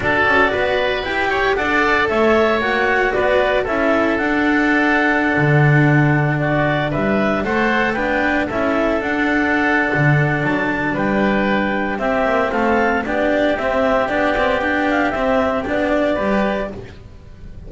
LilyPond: <<
  \new Staff \with { instrumentName = "clarinet" } { \time 4/4 \tempo 4 = 115 d''2 g''4 fis''4 | e''4 fis''4 d''4 e''4 | fis''1~ | fis''16 d''4 e''4 fis''4 g''8.~ |
g''16 e''4 fis''2~ fis''8. | a''4 g''2 e''4 | f''4 d''4 e''4 d''4 | g''8 f''8 e''4 d''2 | }
  \new Staff \with { instrumentName = "oboe" } { \time 4/4 a'4 b'4. cis''8 d''4 | cis''2 b'4 a'4~ | a'1~ | a'16 fis'4 b'4 c''4 b'8.~ |
b'16 a'2.~ a'8.~ | a'4 b'2 g'4 | a'4 g'2.~ | g'2. b'4 | }
  \new Staff \with { instrumentName = "cello" } { \time 4/4 fis'2 g'4 a'4~ | a'4 fis'2 e'4 | d'1~ | d'2~ d'16 a'4 d'8.~ |
d'16 e'4 d'2~ d'8.~ | d'2. c'4~ | c'4 d'4 c'4 d'8 c'8 | d'4 c'4 d'4 g'4 | }
  \new Staff \with { instrumentName = "double bass" } { \time 4/4 d'8 cis'8 b4 e'4 d'4 | a4 ais4 b4 cis'4 | d'2~ d'16 d4.~ d16~ | d4~ d16 g4 a4 b8.~ |
b16 cis'4 d'4.~ d'16 d4 | fis4 g2 c'8 ais8 | a4 b4 c'4 b4~ | b4 c'4 b4 g4 | }
>>